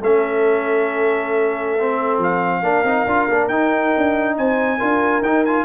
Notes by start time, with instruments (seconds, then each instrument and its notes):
0.00 tuba A3, trombone C#4, horn A4, trumpet E5
1.79 trombone C4
2.18 tuba F3, trumpet F5
2.60 tuba A#3, trombone D4, horn A#4
2.83 tuba C4, trombone D#4
3.06 tuba D4, trombone F4
3.28 tuba A#3, trombone D4
3.47 tuba D#4, trombone D#4, trumpet G5
3.97 tuba D4
4.37 tuba C4, horn C5, trumpet G#5
4.78 tuba D4, trombone F4, horn A#4
5.21 tuba D#4, trombone D#4, trumpet G5
5.45 trombone F4, trumpet G#5